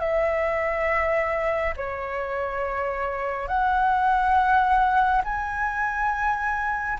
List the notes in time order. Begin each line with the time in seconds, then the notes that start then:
0.00 E5
1.77 C#5
3.48 F#5
5.24 G#5